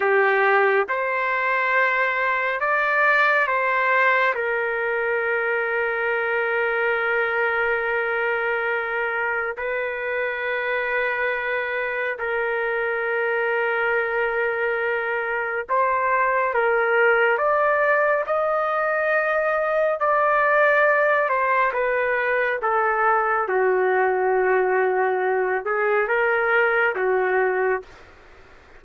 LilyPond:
\new Staff \with { instrumentName = "trumpet" } { \time 4/4 \tempo 4 = 69 g'4 c''2 d''4 | c''4 ais'2.~ | ais'2. b'4~ | b'2 ais'2~ |
ais'2 c''4 ais'4 | d''4 dis''2 d''4~ | d''8 c''8 b'4 a'4 fis'4~ | fis'4. gis'8 ais'4 fis'4 | }